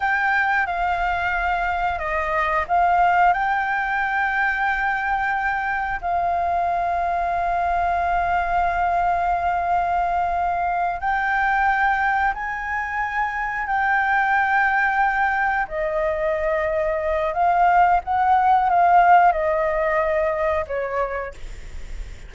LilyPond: \new Staff \with { instrumentName = "flute" } { \time 4/4 \tempo 4 = 90 g''4 f''2 dis''4 | f''4 g''2.~ | g''4 f''2.~ | f''1~ |
f''8 g''2 gis''4.~ | gis''8 g''2. dis''8~ | dis''2 f''4 fis''4 | f''4 dis''2 cis''4 | }